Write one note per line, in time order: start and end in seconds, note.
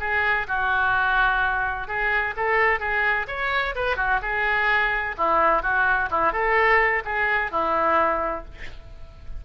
0.00 0.47 G#4
0.48 1.88 F#4
1.88 2.35 G#4
2.36 2.80 A4
2.80 3.26 G#4
3.28 3.75 C#5
3.75 3.97 B4
3.97 4.20 F#4
4.22 5.16 G#4
5.18 5.62 E4
5.62 6.09 F#4
6.10 6.32 E4
6.32 7.03 A4
7.05 7.51 G#4
7.51 8.45 E4